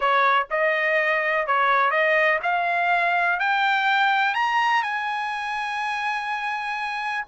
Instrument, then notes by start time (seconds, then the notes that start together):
trumpet
0.00 C#5
0.50 D#5
1.46 C#5
1.90 D#5
2.42 F5
3.39 G5
4.34 A#5
4.83 G#5